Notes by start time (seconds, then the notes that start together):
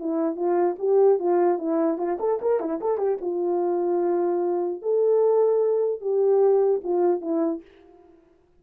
0.00 E4
0.36 F4
0.79 G4
1.20 F4
1.59 E4
1.98 F4
2.20 A4
2.42 A#4
2.60 E4
2.81 A4
2.98 G4
3.22 F4
4.82 A4
6.01 G4
6.84 F4
7.22 E4